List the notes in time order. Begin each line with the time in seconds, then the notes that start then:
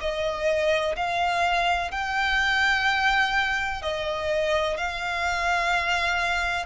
0.00 D#5
0.96 F5
1.91 G5
3.82 D#5
4.77 F5